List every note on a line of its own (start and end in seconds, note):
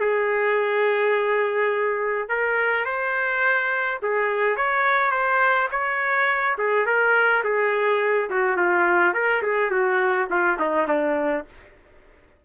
0.00 2.29 G#4
2.29 2.85 A#4
2.85 3.99 C5
4.02 4.56 G#4
4.56 5.11 C#5
5.11 5.68 C5
5.71 6.57 C#5
6.58 6.86 G#4
6.86 7.43 A#4
7.44 8.30 G#4
8.30 8.57 F#4
8.57 9.13 F4
9.13 9.42 A#4
9.42 9.71 G#4
9.71 10.28 F#4
10.30 10.58 F4
10.59 10.88 D#4
10.88 11.45 D4